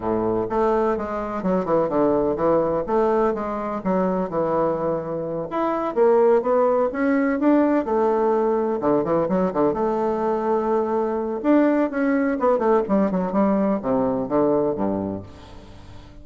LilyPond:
\new Staff \with { instrumentName = "bassoon" } { \time 4/4 \tempo 4 = 126 a,4 a4 gis4 fis8 e8 | d4 e4 a4 gis4 | fis4 e2~ e8 e'8~ | e'8 ais4 b4 cis'4 d'8~ |
d'8 a2 d8 e8 fis8 | d8 a2.~ a8 | d'4 cis'4 b8 a8 g8 fis8 | g4 c4 d4 g,4 | }